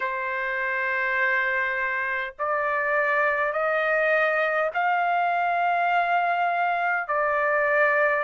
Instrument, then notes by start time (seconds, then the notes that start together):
trumpet
0.00 C5
2.39 D5
3.52 D#5
4.73 F5
7.07 D5